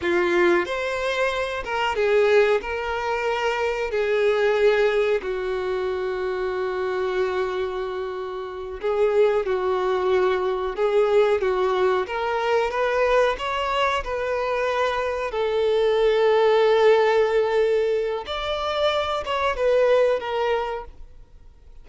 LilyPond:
\new Staff \with { instrumentName = "violin" } { \time 4/4 \tempo 4 = 92 f'4 c''4. ais'8 gis'4 | ais'2 gis'2 | fis'1~ | fis'4. gis'4 fis'4.~ |
fis'8 gis'4 fis'4 ais'4 b'8~ | b'8 cis''4 b'2 a'8~ | a'1 | d''4. cis''8 b'4 ais'4 | }